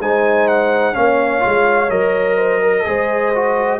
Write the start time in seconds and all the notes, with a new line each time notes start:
0.00 G#3 D#4 C5 G#5
0.48 F#5
0.94 A#3 C#4 C#5 F5
1.39 G#3 F4
1.89 F#3 A#4 D#5
2.37 C5
2.62 A#4
2.85 G#3 G#4 C5
3.35 F#4